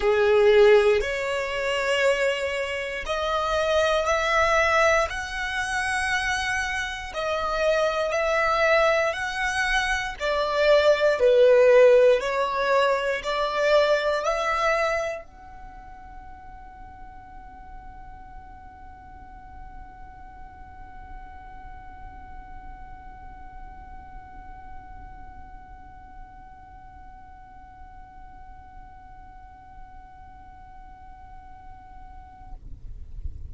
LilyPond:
\new Staff \with { instrumentName = "violin" } { \time 4/4 \tempo 4 = 59 gis'4 cis''2 dis''4 | e''4 fis''2 dis''4 | e''4 fis''4 d''4 b'4 | cis''4 d''4 e''4 fis''4~ |
fis''1~ | fis''1~ | fis''1~ | fis''1 | }